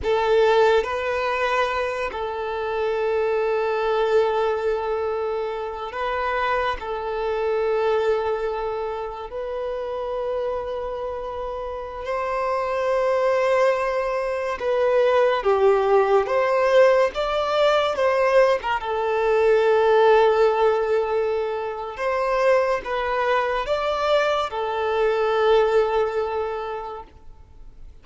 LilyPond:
\new Staff \with { instrumentName = "violin" } { \time 4/4 \tempo 4 = 71 a'4 b'4. a'4.~ | a'2. b'4 | a'2. b'4~ | b'2~ b'16 c''4.~ c''16~ |
c''4~ c''16 b'4 g'4 c''8.~ | c''16 d''4 c''8. ais'16 a'4.~ a'16~ | a'2 c''4 b'4 | d''4 a'2. | }